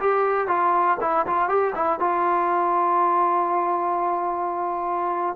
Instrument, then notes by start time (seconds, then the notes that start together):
trombone
0.00 G4
0.48 F4
1.01 E4
1.27 F4
1.49 G4
1.75 E4
2.00 F4